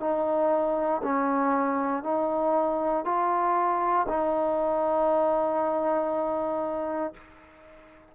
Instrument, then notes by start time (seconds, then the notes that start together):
trombone
0.00 D#4
1.04 C#4
2.03 D#4
3.05 F4
4.09 D#4